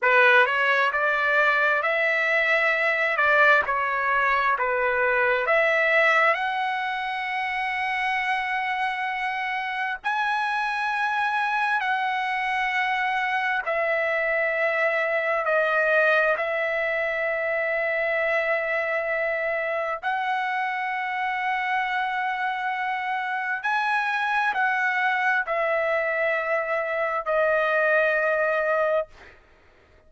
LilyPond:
\new Staff \with { instrumentName = "trumpet" } { \time 4/4 \tempo 4 = 66 b'8 cis''8 d''4 e''4. d''8 | cis''4 b'4 e''4 fis''4~ | fis''2. gis''4~ | gis''4 fis''2 e''4~ |
e''4 dis''4 e''2~ | e''2 fis''2~ | fis''2 gis''4 fis''4 | e''2 dis''2 | }